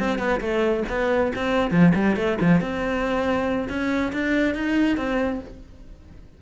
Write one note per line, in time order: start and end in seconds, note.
0.00 0.19 C4
0.19 0.41 B3
0.41 0.84 A3
0.90 1.33 B3
1.36 1.71 C4
1.71 1.93 F3
1.95 2.17 G3
2.17 2.38 A3
2.41 2.61 F3
2.61 3.69 C4
3.69 4.13 C#4
4.13 4.55 D4
4.55 4.97 D#4
4.97 5.41 C4